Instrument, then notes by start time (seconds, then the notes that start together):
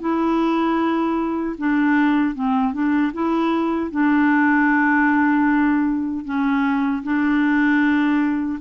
clarinet
0.00 E4
1.58 D4
2.35 C4
2.73 D4
3.13 E4
3.91 D4
6.25 C#4
7.03 D4